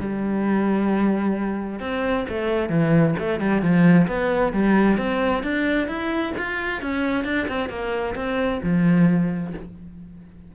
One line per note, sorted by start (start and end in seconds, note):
0.00 1.80 G3
1.80 2.25 C4
2.29 2.70 A3
2.70 3.15 E3
3.19 3.40 A3
3.40 3.62 G3
3.62 4.08 F3
4.08 4.53 B3
4.53 4.98 G3
4.98 5.43 C4
5.43 5.88 D4
5.88 6.33 E4
6.38 6.82 F4
6.82 7.25 C#4
7.25 7.48 D4
7.49 7.70 C4
7.70 8.15 A#3
8.16 8.61 C4
8.63 9.54 F3